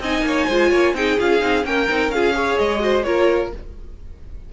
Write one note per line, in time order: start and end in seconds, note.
0.00 0.21 C4
0.00 0.51 D#4
0.00 0.25 D#5
0.00 0.96 G#5
0.21 0.45 A#3
0.21 0.47 C#5
0.47 0.72 G#3
0.47 0.95 F4
0.47 0.70 C5
0.70 0.94 A#3
0.70 0.94 C#5
0.94 1.17 C4
0.94 1.19 D#4
0.94 1.67 G#4
0.94 1.19 G5
1.19 1.42 C#4
1.19 1.40 F4
1.19 1.65 F5
1.40 1.65 C4
1.40 1.64 D#4
1.65 1.88 A#3
1.65 1.88 C#4
1.65 2.15 A#4
1.65 2.11 G5
1.89 2.09 C4
1.89 2.12 D#4
2.09 2.55 C#4
2.09 2.58 F5
2.15 2.33 F4
2.15 2.36 G#4
2.33 2.80 G#4
2.33 2.83 C#5
2.58 3.06 G#3
2.58 3.03 D#5
2.80 3.03 F#4
2.80 3.06 C5
3.03 3.53 A#3
3.03 3.52 F4
3.03 3.53 A#4
3.03 3.50 C#5